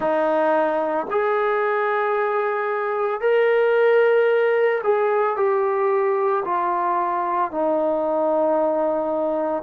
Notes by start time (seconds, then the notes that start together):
0.00 D#4
1.10 G#4
3.20 A#4
4.83 G#4
5.36 G4
6.44 F4
7.51 D#4